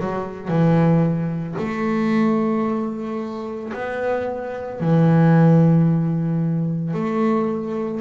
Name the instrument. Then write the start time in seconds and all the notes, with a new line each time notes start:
double bass
0.00 F#3
0.48 E3
1.59 A3
3.74 B3
4.81 E3
6.94 A3